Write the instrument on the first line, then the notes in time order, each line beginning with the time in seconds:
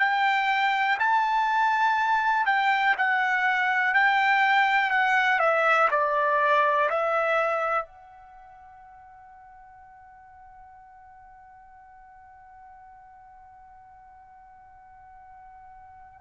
trumpet
0.00 G5
0.99 A5
2.46 G5
2.98 F#5
3.94 G5
4.90 F#5
5.40 E5
5.91 D5
6.90 E5
7.86 F#5